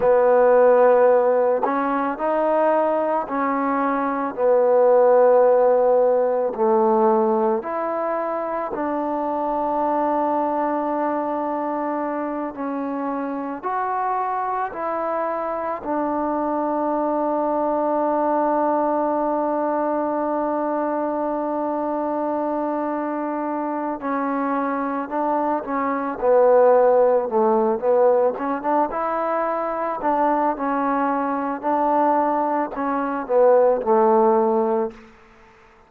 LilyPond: \new Staff \with { instrumentName = "trombone" } { \time 4/4 \tempo 4 = 55 b4. cis'8 dis'4 cis'4 | b2 a4 e'4 | d'2.~ d'8 cis'8~ | cis'8 fis'4 e'4 d'4.~ |
d'1~ | d'2 cis'4 d'8 cis'8 | b4 a8 b8 cis'16 d'16 e'4 d'8 | cis'4 d'4 cis'8 b8 a4 | }